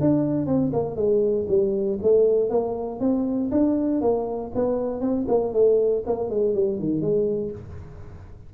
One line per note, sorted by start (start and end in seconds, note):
0.00 0.46 D4
0.46 0.71 C4
0.72 0.96 A#3
0.96 1.46 G#3
1.48 1.98 G3
2.02 2.49 A3
2.49 3.00 A#3
3.00 3.50 C4
3.51 4.01 D4
4.01 4.51 A#3
4.55 5.00 B3
5.00 5.26 C4
5.28 5.53 A#3
5.53 6.03 A3
6.06 6.30 A#3
6.30 6.54 G#3
6.54 6.79 G3
6.79 7.01 D#3
7.01 7.51 G#3